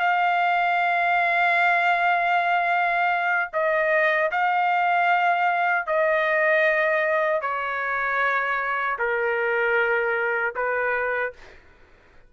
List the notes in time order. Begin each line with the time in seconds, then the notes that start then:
0.00 F5
3.53 D#5
4.32 F5
5.87 D#5
7.41 C#5
8.99 A#4
10.55 B4